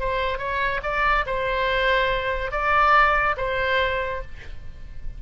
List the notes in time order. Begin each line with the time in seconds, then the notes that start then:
0.00 C5
0.38 C#5
0.83 D5
1.26 C5
2.52 D5
3.37 C5